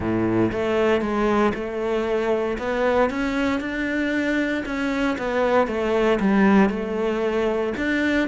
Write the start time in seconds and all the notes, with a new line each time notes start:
0.00 A2
0.51 A3
1.01 G#3
1.54 A3
2.58 B3
3.09 C#4
3.60 D4
4.65 C#4
5.18 B3
5.67 A3
6.20 G3
6.69 A3
7.77 D4